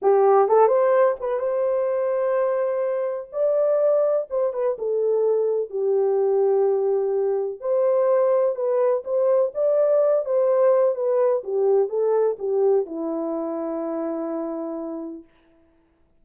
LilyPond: \new Staff \with { instrumentName = "horn" } { \time 4/4 \tempo 4 = 126 g'4 a'8 c''4 b'8 c''4~ | c''2. d''4~ | d''4 c''8 b'8 a'2 | g'1 |
c''2 b'4 c''4 | d''4. c''4. b'4 | g'4 a'4 g'4 e'4~ | e'1 | }